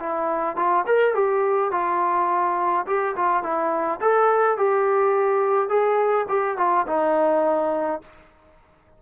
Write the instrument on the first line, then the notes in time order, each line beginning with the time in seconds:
trombone
0.00 E4
0.56 F4
0.86 A#4
1.15 G4
1.71 F4
2.87 G4
3.16 F4
3.43 E4
4.01 A4
4.57 G4
5.69 G#4
6.29 G4
6.57 F4
6.87 D#4